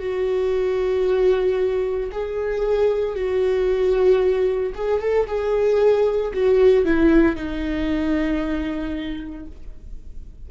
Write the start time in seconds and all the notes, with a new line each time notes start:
0.00 F#4
2.12 G#4
3.16 F#4
4.75 G#4
5.01 A4
5.27 G#4
6.34 F#4
6.86 E4
7.36 D#4